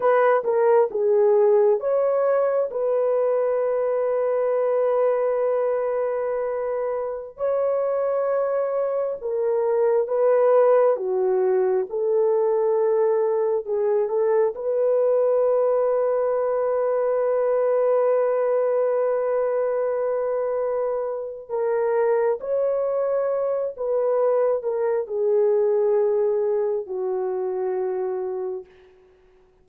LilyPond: \new Staff \with { instrumentName = "horn" } { \time 4/4 \tempo 4 = 67 b'8 ais'8 gis'4 cis''4 b'4~ | b'1~ | b'16 cis''2 ais'4 b'8.~ | b'16 fis'4 a'2 gis'8 a'16~ |
a'16 b'2.~ b'8.~ | b'1 | ais'4 cis''4. b'4 ais'8 | gis'2 fis'2 | }